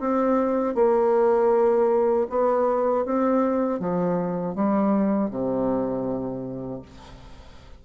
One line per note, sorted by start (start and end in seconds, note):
0.00 0.75 C4
0.75 2.27 A#3
2.30 3.05 B3
3.05 3.79 C4
3.79 4.55 F3
4.55 5.30 G3
5.30 6.82 C3